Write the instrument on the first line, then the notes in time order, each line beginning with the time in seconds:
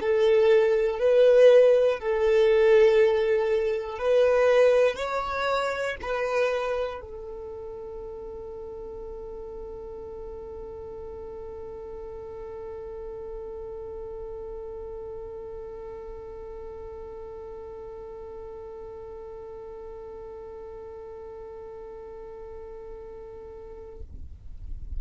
violin
0.00 A4
1.00 B4
2.00 A4
3.99 B4
4.96 C#5
6.02 B4
7.01 A4